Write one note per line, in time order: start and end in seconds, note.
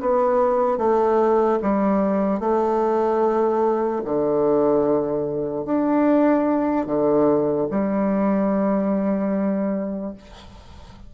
0.00 0.77 B3
0.77 1.58 A3
1.62 2.40 G3
2.40 4.02 A3
4.04 5.65 D3
5.65 6.86 D4
6.86 7.67 D3
7.70 10.14 G3